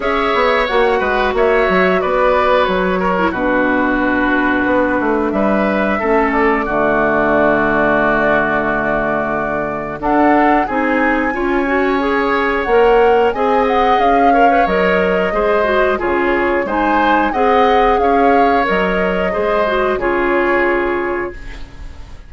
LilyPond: <<
  \new Staff \with { instrumentName = "flute" } { \time 4/4 \tempo 4 = 90 e''4 fis''4 e''4 d''4 | cis''4 b'2. | e''4. d''2~ d''8~ | d''2. fis''4 |
gis''2. fis''4 | gis''8 fis''8 f''4 dis''2 | cis''4 gis''4 fis''4 f''4 | dis''2 cis''2 | }
  \new Staff \with { instrumentName = "oboe" } { \time 4/4 cis''4. b'8 cis''4 b'4~ | b'8 ais'8 fis'2. | b'4 a'4 fis'2~ | fis'2. a'4 |
gis'4 cis''2. | dis''4. cis''4. c''4 | gis'4 c''4 dis''4 cis''4~ | cis''4 c''4 gis'2 | }
  \new Staff \with { instrumentName = "clarinet" } { \time 4/4 gis'4 fis'2.~ | fis'8. e'16 d'2.~ | d'4 cis'4 a2~ | a2. d'4 |
dis'4 f'8 fis'8 gis'4 ais'4 | gis'4. ais'16 b'16 ais'4 gis'8 fis'8 | f'4 dis'4 gis'2 | ais'4 gis'8 fis'8 f'2 | }
  \new Staff \with { instrumentName = "bassoon" } { \time 4/4 cis'8 b8 ais8 gis8 ais8 fis8 b4 | fis4 b,2 b8 a8 | g4 a4 d2~ | d2. d'4 |
c'4 cis'2 ais4 | c'4 cis'4 fis4 gis4 | cis4 gis4 c'4 cis'4 | fis4 gis4 cis2 | }
>>